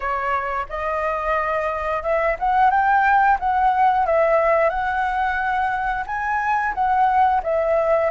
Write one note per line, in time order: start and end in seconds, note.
0.00 0.66 C#5
0.69 2.02 D#5
2.02 2.36 E5
2.39 2.70 F#5
2.70 3.37 G5
3.39 4.06 F#5
4.06 4.69 E5
4.69 6.04 F#5
6.06 6.74 G#5
6.74 7.41 F#5
7.43 8.10 E5